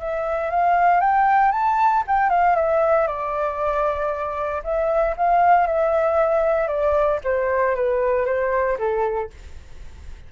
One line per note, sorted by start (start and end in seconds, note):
0.00 0.51 E5
0.51 1.01 F5
1.01 1.52 G5
1.52 2.04 A5
2.08 2.30 G5
2.30 2.56 F5
2.56 3.08 E5
3.08 4.63 D5
4.64 5.16 E5
5.17 5.67 F5
5.67 6.68 E5
6.68 7.20 D5
7.25 7.76 C5
7.76 8.26 B4
8.26 8.78 C5
8.79 9.31 A4